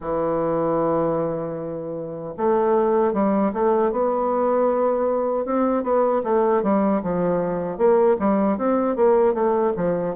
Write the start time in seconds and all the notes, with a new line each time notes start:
0.00 E3
2.37 A3
3.13 G3
3.53 A3
3.91 B3
5.45 C4
5.83 B3
6.23 A3
6.62 G3
7.03 F3
7.77 A#3
8.19 G3
8.57 C4
8.96 A#3
9.33 A3
9.76 F3